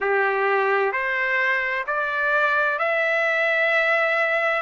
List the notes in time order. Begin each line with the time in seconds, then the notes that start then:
0.00 G4
0.92 C5
1.87 D5
2.78 E5